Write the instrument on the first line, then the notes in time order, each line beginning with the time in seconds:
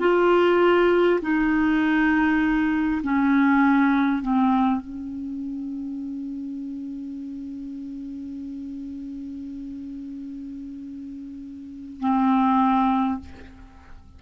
clarinet
0.00 F4
1.21 D#4
3.02 C#4
4.22 C4
4.80 C#4
12.00 C4